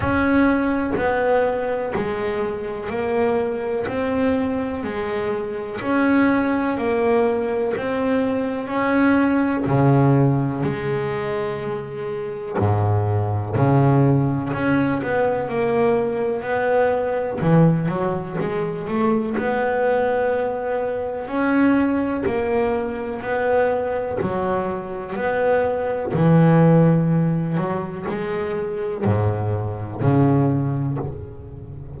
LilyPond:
\new Staff \with { instrumentName = "double bass" } { \time 4/4 \tempo 4 = 62 cis'4 b4 gis4 ais4 | c'4 gis4 cis'4 ais4 | c'4 cis'4 cis4 gis4~ | gis4 gis,4 cis4 cis'8 b8 |
ais4 b4 e8 fis8 gis8 a8 | b2 cis'4 ais4 | b4 fis4 b4 e4~ | e8 fis8 gis4 gis,4 cis4 | }